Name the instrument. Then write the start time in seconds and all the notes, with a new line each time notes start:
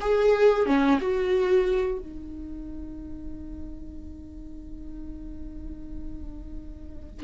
viola
0.00 G#4
0.66 C#4
1.00 F#4
1.98 D#4